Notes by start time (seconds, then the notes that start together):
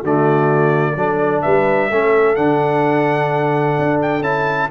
0.00 D3 A3 F#4 D5
0.96 F#3 D4 A4
1.41 G3 B4 E5
1.89 A3 C#4 A4
2.35 D3 D4 F#5
3.78 D4
4.01 G5
4.21 C#4 E4 A5